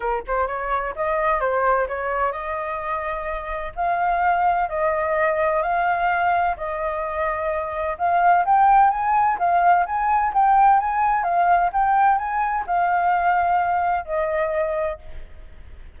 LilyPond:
\new Staff \with { instrumentName = "flute" } { \time 4/4 \tempo 4 = 128 ais'8 c''8 cis''4 dis''4 c''4 | cis''4 dis''2. | f''2 dis''2 | f''2 dis''2~ |
dis''4 f''4 g''4 gis''4 | f''4 gis''4 g''4 gis''4 | f''4 g''4 gis''4 f''4~ | f''2 dis''2 | }